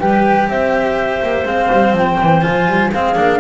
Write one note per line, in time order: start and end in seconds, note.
0.00 0.48 G3
0.00 1.45 G4
0.00 0.48 B4
0.00 0.49 G5
0.48 1.21 C4
0.48 2.92 C5
0.48 1.46 E5
1.22 1.45 A#3
1.45 1.69 G#3
1.45 2.41 C4
1.45 1.95 F5
1.72 1.92 G3
1.92 2.17 F3
1.92 2.42 G5
2.22 2.46 E3
2.41 2.68 F3
2.41 2.90 F4
2.41 2.91 G#5
2.68 2.92 G3
2.92 3.16 G#3
2.92 3.15 C4
2.92 3.40 G#4
2.92 3.40 F5
3.15 3.40 A#3
3.15 3.40 D4